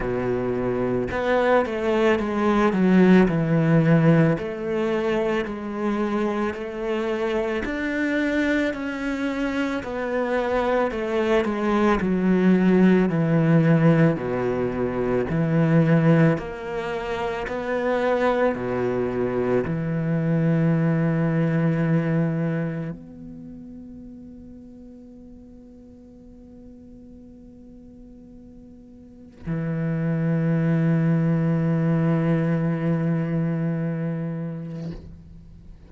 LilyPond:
\new Staff \with { instrumentName = "cello" } { \time 4/4 \tempo 4 = 55 b,4 b8 a8 gis8 fis8 e4 | a4 gis4 a4 d'4 | cis'4 b4 a8 gis8 fis4 | e4 b,4 e4 ais4 |
b4 b,4 e2~ | e4 b2.~ | b2. e4~ | e1 | }